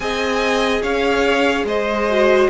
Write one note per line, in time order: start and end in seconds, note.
0.00 0.81 C4
0.00 2.08 G#4
0.00 0.81 D#5
0.00 0.81 G#5
0.81 1.64 C#4
0.81 1.65 C#5
0.81 1.66 F5
1.64 2.47 G#3
1.64 2.49 C5
1.64 2.49 D#5
2.09 2.49 F#4